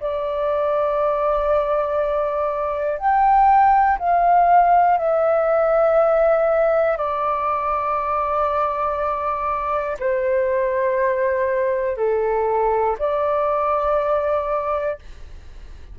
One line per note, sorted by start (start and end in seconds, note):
0.00 2.99 D5
2.99 3.99 G5
3.99 4.98 F5
4.98 6.97 E5
6.97 9.97 D5
10.00 11.97 C5
11.97 12.97 A4
12.99 14.99 D5